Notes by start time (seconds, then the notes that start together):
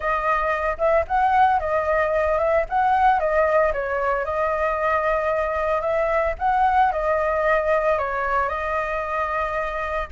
0.00 D#5
0.78 E5
1.07 F#5
1.59 D#5
2.38 E5
2.69 F#5
3.19 D#5
3.73 C#5
4.24 D#5
5.81 E5
6.38 F#5
6.92 D#5
7.98 C#5
8.48 D#5